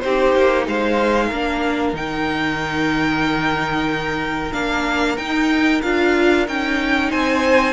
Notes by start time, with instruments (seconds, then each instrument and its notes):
0.00 cello C4, viola D#4, violin G4 C5
0.35 cello A#3
0.67 cello G#3, violin C5 F5
1.27 cello A#3, violin A#4
1.33 viola D4
1.93 cello D#3, viola D#4, violin G5
4.53 cello A#3, viola D4, violin F5
5.17 cello D#4, viola D#4, violin G5
5.82 cello D4, viola F4, violin F5
6.47 cello C#4, viola D#4, violin G5
7.11 cello C4, violin C5 G#5